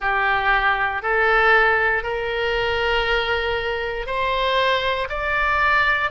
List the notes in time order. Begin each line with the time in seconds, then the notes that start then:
0.00 G4
1.02 A4
2.03 A#4
4.06 C5
5.08 D5